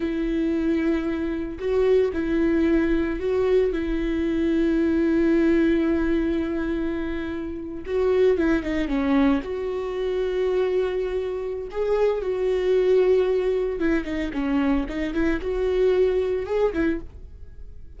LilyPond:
\new Staff \with { instrumentName = "viola" } { \time 4/4 \tempo 4 = 113 e'2. fis'4 | e'2 fis'4 e'4~ | e'1~ | e'2~ e'8. fis'4 e'16~ |
e'16 dis'8 cis'4 fis'2~ fis'16~ | fis'2 gis'4 fis'4~ | fis'2 e'8 dis'8 cis'4 | dis'8 e'8 fis'2 gis'8 e'8 | }